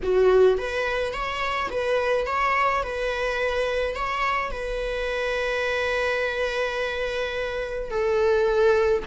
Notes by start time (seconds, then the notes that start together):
0.03 F#4
0.58 B4
1.13 C#5
1.70 B4
2.26 C#5
2.83 B4
3.95 C#5
4.51 B4
7.90 A4